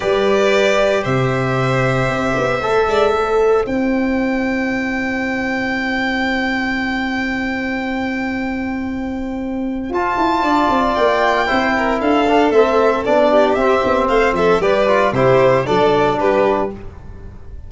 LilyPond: <<
  \new Staff \with { instrumentName = "violin" } { \time 4/4 \tempo 4 = 115 d''2 e''2~ | e''2. g''4~ | g''1~ | g''1~ |
g''2. a''4~ | a''4 g''2 f''4 | e''4 d''4 e''4 f''8 e''8 | d''4 c''4 d''4 b'4 | }
  \new Staff \with { instrumentName = "violin" } { \time 4/4 b'2 c''2~ | c''4. d''8 c''2~ | c''1~ | c''1~ |
c''1 | d''2 c''8 ais'8 a'4~ | a'4. g'4. c''8 a'8 | b'4 g'4 a'4 g'4 | }
  \new Staff \with { instrumentName = "trombone" } { \time 4/4 g'1~ | g'4 a'2 e'4~ | e'1~ | e'1~ |
e'2. f'4~ | f'2 e'4. d'8 | c'4 d'4 c'2 | g'8 f'8 e'4 d'2 | }
  \new Staff \with { instrumentName = "tuba" } { \time 4/4 g2 c2 | c'8 b8 a8 gis8 a4 c'4~ | c'1~ | c'1~ |
c'2. f'8 e'8 | d'8 c'8 ais4 c'4 d'4 | a4 b4 c'8 b8 a8 f8 | g4 c4 fis4 g4 | }
>>